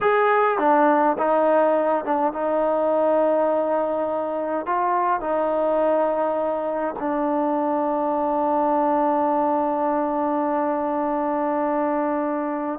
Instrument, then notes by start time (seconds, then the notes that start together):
trombone
0.00 G#4
0.58 D4
1.18 D#4
2.04 D4
2.32 D#4
4.65 F4
5.20 D#4
6.99 D4